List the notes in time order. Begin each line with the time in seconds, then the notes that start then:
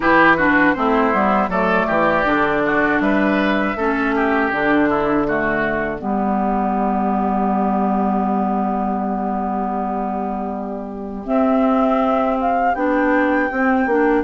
0.00 E3 E4 G4 B4
0.36 D4 F#4
0.73 A3 C4 E4 C5
1.12 G3 B3
1.48 F#3 A3 A4 D5
1.86 E3 G4
2.25 D3 D4
2.65 F#4
3.00 G3 B4 E5
3.76 A3 C#4 A4
4.15 G4
4.50 D3 D4 D5
4.89 E4
5.27 A3 F#4
5.98 G3 B3 G4
11.24 C4 E5
12.40 F5
12.74 B3 D4 G5
13.51 C4
13.85 A#3 D4